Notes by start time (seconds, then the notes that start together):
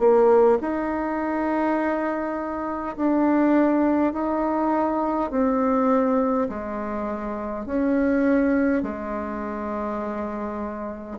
0.00 A#3
0.61 D#4
2.97 D4
4.13 D#4
5.31 C4
6.49 G#3
7.66 C#4
8.83 G#3